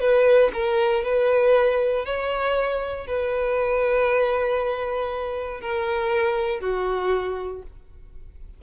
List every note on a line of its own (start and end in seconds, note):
0.00 0.51 B4
0.53 1.04 A#4
1.04 2.05 B4
2.05 3.07 C#5
3.07 5.61 B4
5.61 6.60 A#4
6.60 7.62 F#4